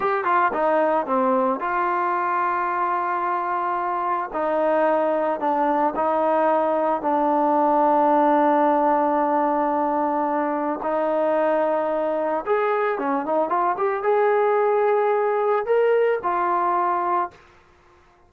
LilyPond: \new Staff \with { instrumentName = "trombone" } { \time 4/4 \tempo 4 = 111 g'8 f'8 dis'4 c'4 f'4~ | f'1 | dis'2 d'4 dis'4~ | dis'4 d'2.~ |
d'1 | dis'2. gis'4 | cis'8 dis'8 f'8 g'8 gis'2~ | gis'4 ais'4 f'2 | }